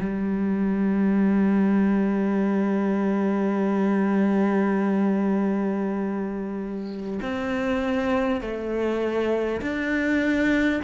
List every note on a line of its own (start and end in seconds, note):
0.00 7.20 G3
7.22 8.42 C4
8.42 9.62 A3
9.62 10.82 D4